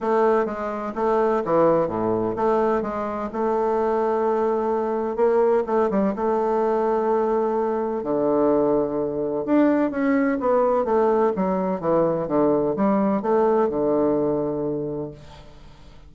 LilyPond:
\new Staff \with { instrumentName = "bassoon" } { \time 4/4 \tempo 4 = 127 a4 gis4 a4 e4 | a,4 a4 gis4 a4~ | a2. ais4 | a8 g8 a2.~ |
a4 d2. | d'4 cis'4 b4 a4 | fis4 e4 d4 g4 | a4 d2. | }